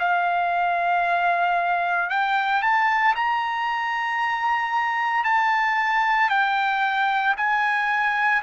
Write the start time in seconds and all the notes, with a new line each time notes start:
0.00 F5
2.10 G5
2.62 A5
3.16 A#5
5.24 A5
6.30 G5
7.37 G#5